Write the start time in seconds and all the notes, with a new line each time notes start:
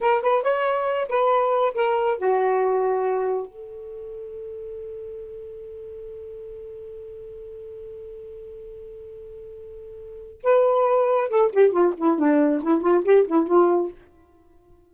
0.01 A#4
0.22 B4
0.42 C#5
1.08 B4
1.74 A#4
2.18 F#4
3.46 A4
10.43 B4
11.29 A4
11.52 G4
11.71 F4
11.97 E4
12.18 D4
12.62 E4
12.81 F4
13.04 G4
13.27 E4
13.47 F4